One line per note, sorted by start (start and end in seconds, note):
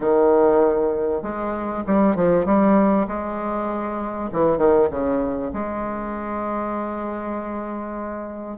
0.00 1.22 D#3
1.22 1.83 G#3
1.86 2.15 G3
2.15 2.45 F3
2.45 3.06 G3
3.07 4.30 G#3
4.32 4.58 E3
4.58 4.88 D#3
4.90 5.51 C#3
5.53 8.57 G#3